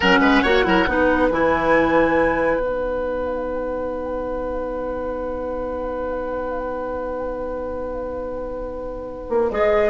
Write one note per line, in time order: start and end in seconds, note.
0.00 0.20 F#3
0.00 0.45 C#4
0.00 0.18 A#4
0.00 1.29 F#5
0.20 0.41 G#3
0.20 0.42 B4
0.42 0.65 A#3
0.42 0.64 F#4
0.42 0.64 C#5
0.64 0.86 F#3
0.64 0.85 E4
0.64 0.88 A#4
0.86 1.29 B3
0.86 1.31 D#4
0.86 9.90 B4
1.30 2.56 E3
1.30 2.60 E4
1.30 2.59 G#5
2.56 9.25 B3
2.56 9.51 D#4
2.56 9.49 F#5
9.29 9.50 A#3
9.50 9.90 G#3
9.50 9.90 G#4
9.50 9.90 D#5